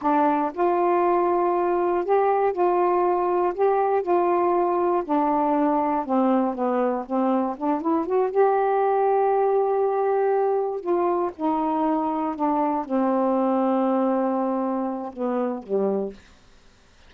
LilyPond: \new Staff \with { instrumentName = "saxophone" } { \time 4/4 \tempo 4 = 119 d'4 f'2. | g'4 f'2 g'4 | f'2 d'2 | c'4 b4 c'4 d'8 e'8 |
fis'8 g'2.~ g'8~ | g'4. f'4 dis'4.~ | dis'8 d'4 c'2~ c'8~ | c'2 b4 g4 | }